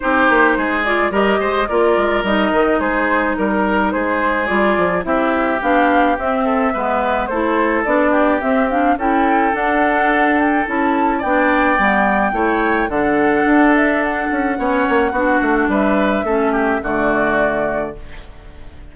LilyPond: <<
  \new Staff \with { instrumentName = "flute" } { \time 4/4 \tempo 4 = 107 c''4. d''8 dis''4 d''4 | dis''4 c''4 ais'4 c''4 | d''4 e''4 f''4 e''4~ | e''4 c''4 d''4 e''8 f''8 |
g''4 fis''4. g''8 a''4 | g''2. fis''4~ | fis''8 e''8 fis''2. | e''2 d''2 | }
  \new Staff \with { instrumentName = "oboe" } { \time 4/4 g'4 gis'4 ais'8 c''8 ais'4~ | ais'4 gis'4 ais'4 gis'4~ | gis'4 g'2~ g'8 a'8 | b'4 a'4. g'4. |
a'1 | d''2 cis''4 a'4~ | a'2 cis''4 fis'4 | b'4 a'8 g'8 fis'2 | }
  \new Staff \with { instrumentName = "clarinet" } { \time 4/4 dis'4. f'8 g'4 f'4 | dis'1 | f'4 e'4 d'4 c'4 | b4 e'4 d'4 c'8 d'8 |
e'4 d'2 e'4 | d'4 b4 e'4 d'4~ | d'2 cis'4 d'4~ | d'4 cis'4 a2 | }
  \new Staff \with { instrumentName = "bassoon" } { \time 4/4 c'8 ais8 gis4 g8 gis8 ais8 gis8 | g8 dis8 gis4 g4 gis4 | g8 f8 c'4 b4 c'4 | gis4 a4 b4 c'4 |
cis'4 d'2 cis'4 | b4 g4 a4 d4 | d'4. cis'8 b8 ais8 b8 a8 | g4 a4 d2 | }
>>